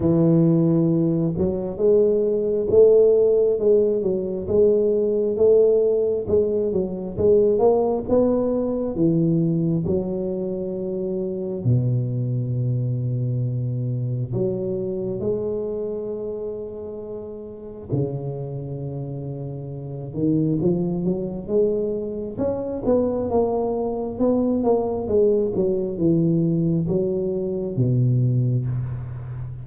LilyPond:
\new Staff \with { instrumentName = "tuba" } { \time 4/4 \tempo 4 = 67 e4. fis8 gis4 a4 | gis8 fis8 gis4 a4 gis8 fis8 | gis8 ais8 b4 e4 fis4~ | fis4 b,2. |
fis4 gis2. | cis2~ cis8 dis8 f8 fis8 | gis4 cis'8 b8 ais4 b8 ais8 | gis8 fis8 e4 fis4 b,4 | }